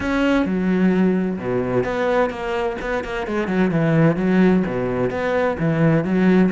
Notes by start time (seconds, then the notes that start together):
0.00 C#4
0.45 F#3
1.38 B2
1.84 B3
2.30 A#3
2.81 B3
3.04 A#3
3.26 G#3
3.47 F#3
3.70 E3
4.16 F#3
4.66 B2
5.10 B3
5.59 E3
6.04 F#3